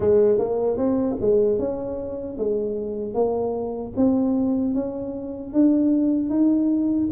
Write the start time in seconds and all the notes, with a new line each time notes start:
0.00 G#3
0.38 A#3
0.77 C4
1.20 G#3
1.58 C#4
2.37 G#3
3.14 A#3
3.96 C4
4.74 C#4
5.53 D4
6.29 D#4